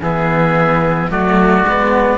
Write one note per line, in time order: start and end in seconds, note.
0.00 1.09 E3
0.00 1.10 B3
0.00 1.10 G#4
0.00 1.11 E5
1.10 1.62 F#3
1.10 1.64 A3
1.10 2.18 F#4
1.10 2.18 D5
1.62 2.16 G#3
1.69 2.18 B3